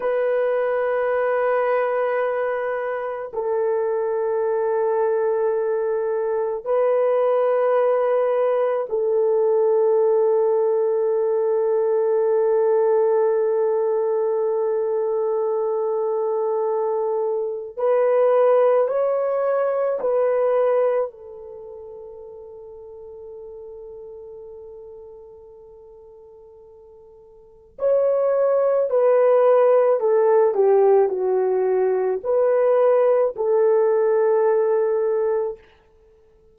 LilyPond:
\new Staff \with { instrumentName = "horn" } { \time 4/4 \tempo 4 = 54 b'2. a'4~ | a'2 b'2 | a'1~ | a'1 |
b'4 cis''4 b'4 a'4~ | a'1~ | a'4 cis''4 b'4 a'8 g'8 | fis'4 b'4 a'2 | }